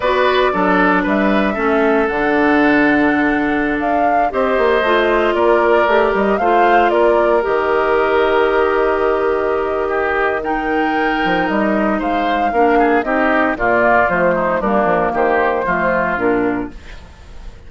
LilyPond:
<<
  \new Staff \with { instrumentName = "flute" } { \time 4/4 \tempo 4 = 115 d''2 e''2 | fis''2.~ fis''16 f''8.~ | f''16 dis''2 d''4. dis''16~ | dis''16 f''4 d''4 dis''4.~ dis''16~ |
dis''1 | g''2 dis''4 f''4~ | f''4 dis''4 d''4 c''4 | ais'4 c''2 ais'4 | }
  \new Staff \with { instrumentName = "oboe" } { \time 4/4 b'4 a'4 b'4 a'4~ | a'1~ | a'16 c''2 ais'4.~ ais'16~ | ais'16 c''4 ais'2~ ais'8.~ |
ais'2. g'4 | ais'2. c''4 | ais'8 gis'8 g'4 f'4. dis'8 | d'4 g'4 f'2 | }
  \new Staff \with { instrumentName = "clarinet" } { \time 4/4 fis'4 d'2 cis'4 | d'1~ | d'16 g'4 f'2 g'8.~ | g'16 f'2 g'4.~ g'16~ |
g'1 | dis'1 | d'4 dis'4 ais4 a4 | ais2 a4 d'4 | }
  \new Staff \with { instrumentName = "bassoon" } { \time 4/4 b4 fis4 g4 a4 | d2.~ d16 d'8.~ | d'16 c'8 ais8 a4 ais4 a8 g16~ | g16 a4 ais4 dis4.~ dis16~ |
dis1~ | dis4. f8 g4 gis4 | ais4 c'4 ais,4 f4 | g8 f8 dis4 f4 ais,4 | }
>>